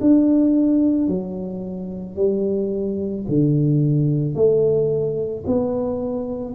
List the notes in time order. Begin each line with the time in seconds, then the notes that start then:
0.00 D4
1.08 F#3
2.15 G3
3.28 D3
4.34 A3
5.46 B3